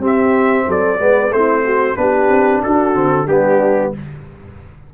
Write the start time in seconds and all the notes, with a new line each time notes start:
0.00 C4 G4
0.06 E5
0.68 F#3 A4 D5
0.99 G#3 B3 B4
1.31 A3 C4 E4 C5
1.64 F#4
1.96 B3 D4 G4 B4
2.29 C4
2.63 D4 F#4 A4
2.94 D3 C4
3.28 G3 B3 D4 G4